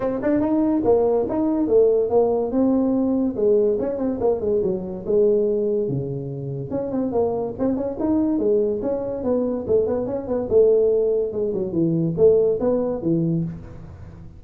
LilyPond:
\new Staff \with { instrumentName = "tuba" } { \time 4/4 \tempo 4 = 143 c'8 d'8 dis'4 ais4 dis'4 | a4 ais4 c'2 | gis4 cis'8 c'8 ais8 gis8 fis4 | gis2 cis2 |
cis'8 c'8 ais4 c'8 cis'8 dis'4 | gis4 cis'4 b4 a8 b8 | cis'8 b8 a2 gis8 fis8 | e4 a4 b4 e4 | }